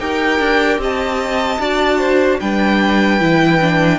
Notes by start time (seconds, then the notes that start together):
0.00 D#4 G4 A#4 G5
0.39 D4
0.78 C4 D#5 A5
1.59 D4 F#4 D5
1.99 C5
2.40 G3 D4 B4 G5
3.20 E3 E4
3.60 D4